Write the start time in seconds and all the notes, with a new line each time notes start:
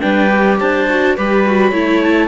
0.00 G3 D4 B4 G5
0.29 G4
0.59 D4 C5 A5
0.89 F#4
1.16 G3 G4 B4 B5
1.46 F#4
1.70 A3 E4 C#5
2.03 A5